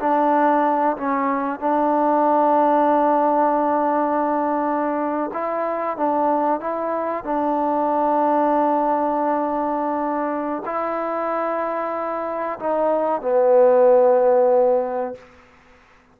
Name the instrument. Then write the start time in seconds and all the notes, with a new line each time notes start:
trombone
0.00 D4
0.97 C#4
1.60 D4
5.34 E4
5.97 D4
6.60 E4
7.25 D4
10.66 E4
12.60 D#4
13.22 B3